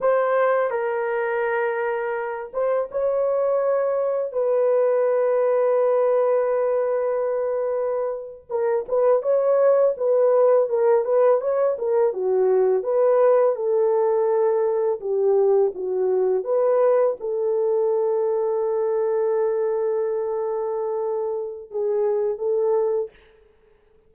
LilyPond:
\new Staff \with { instrumentName = "horn" } { \time 4/4 \tempo 4 = 83 c''4 ais'2~ ais'8 c''8 | cis''2 b'2~ | b'2.~ b'8. ais'16~ | ais'16 b'8 cis''4 b'4 ais'8 b'8 cis''16~ |
cis''16 ais'8 fis'4 b'4 a'4~ a'16~ | a'8. g'4 fis'4 b'4 a'16~ | a'1~ | a'2 gis'4 a'4 | }